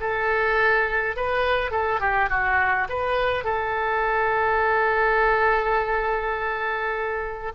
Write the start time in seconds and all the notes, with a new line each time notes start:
0.00 A4
1.16 B4
1.71 A4
2.00 G4
2.29 F#4
2.89 B4
3.44 A4